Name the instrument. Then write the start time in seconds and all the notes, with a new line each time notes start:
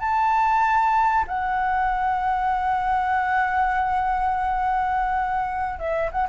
flute
0.00 A5
1.28 F#5
5.79 E5
6.12 F#5